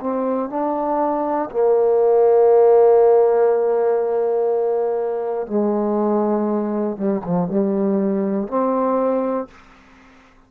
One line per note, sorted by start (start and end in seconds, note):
0.00 0.49 C4
0.49 1.49 D4
1.50 5.46 A#3
5.46 6.96 G#3
6.96 7.21 G3
7.24 7.48 F3
7.48 8.47 G3
8.47 9.47 C4